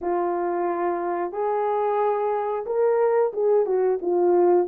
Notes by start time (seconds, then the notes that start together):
0.01 F4
1.32 G#4
2.65 A#4
3.33 G#4
3.65 F#4
4.01 F4